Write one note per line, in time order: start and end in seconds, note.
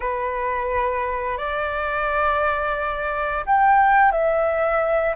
0.00 1.37 B4
1.37 3.44 D5
3.45 4.11 G5
4.11 5.15 E5